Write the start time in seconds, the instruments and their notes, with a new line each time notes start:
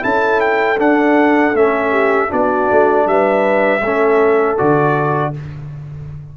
0.00 tuba C#4, trombone E4, horn A4, trumpet A5
0.40 trumpet G5
0.78 trombone D4, tuba D4, trumpet F#5
1.53 tuba A3, trombone C#4, trumpet E5
1.90 horn G4
2.28 tuba B3, trombone D4, horn F#4, trumpet D5
2.71 tuba A3
3.06 tuba G3, horn B4, trumpet E5
3.81 tuba A3, trombone C#4, horn A4
4.57 tuba D3, trombone F#4, trumpet D5